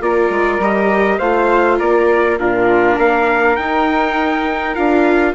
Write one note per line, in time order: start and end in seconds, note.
0.00 0.29 A#3
0.00 0.59 F4
0.00 1.18 A#4
0.00 0.61 D5
0.29 0.59 G#3
0.59 1.18 G3
0.59 1.21 G4
0.59 1.19 D#5
1.18 1.79 A3
1.18 2.38 F4
1.18 1.77 C5
1.18 1.78 F5
1.78 2.39 A#3
1.78 2.38 A#4
1.78 2.38 D5
2.38 2.98 A#2
2.38 3.57 D4
2.38 2.95 F4
2.38 2.99 A#4
2.95 3.57 A#3
2.95 5.33 A#4
2.95 3.56 F5
3.56 4.76 D#4
3.56 4.75 D#4
3.56 4.75 G5
4.75 5.34 D4
4.75 5.34 F4
4.75 5.34 F5